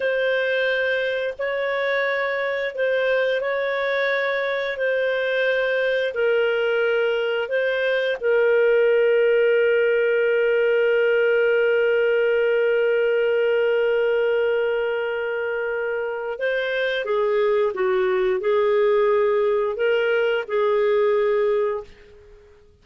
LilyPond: \new Staff \with { instrumentName = "clarinet" } { \time 4/4 \tempo 4 = 88 c''2 cis''2 | c''4 cis''2 c''4~ | c''4 ais'2 c''4 | ais'1~ |
ais'1~ | ais'1 | c''4 gis'4 fis'4 gis'4~ | gis'4 ais'4 gis'2 | }